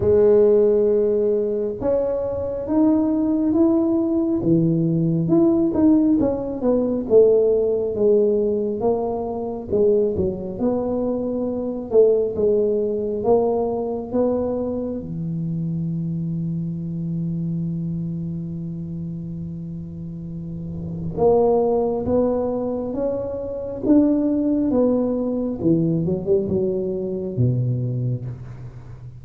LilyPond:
\new Staff \with { instrumentName = "tuba" } { \time 4/4 \tempo 4 = 68 gis2 cis'4 dis'4 | e'4 e4 e'8 dis'8 cis'8 b8 | a4 gis4 ais4 gis8 fis8 | b4. a8 gis4 ais4 |
b4 e2.~ | e1 | ais4 b4 cis'4 d'4 | b4 e8 fis16 g16 fis4 b,4 | }